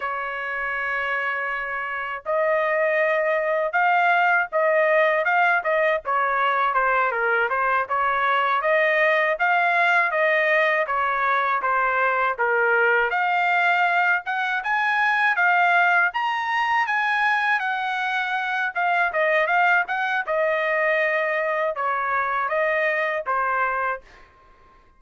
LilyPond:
\new Staff \with { instrumentName = "trumpet" } { \time 4/4 \tempo 4 = 80 cis''2. dis''4~ | dis''4 f''4 dis''4 f''8 dis''8 | cis''4 c''8 ais'8 c''8 cis''4 dis''8~ | dis''8 f''4 dis''4 cis''4 c''8~ |
c''8 ais'4 f''4. fis''8 gis''8~ | gis''8 f''4 ais''4 gis''4 fis''8~ | fis''4 f''8 dis''8 f''8 fis''8 dis''4~ | dis''4 cis''4 dis''4 c''4 | }